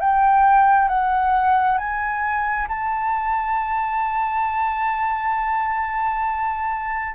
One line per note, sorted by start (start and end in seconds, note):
0.00 0.88 G5
0.88 1.77 F#5
1.77 2.67 G#5
2.68 7.14 A5